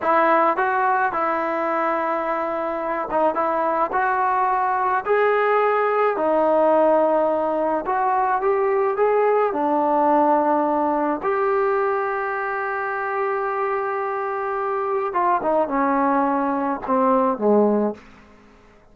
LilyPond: \new Staff \with { instrumentName = "trombone" } { \time 4/4 \tempo 4 = 107 e'4 fis'4 e'2~ | e'4. dis'8 e'4 fis'4~ | fis'4 gis'2 dis'4~ | dis'2 fis'4 g'4 |
gis'4 d'2. | g'1~ | g'2. f'8 dis'8 | cis'2 c'4 gis4 | }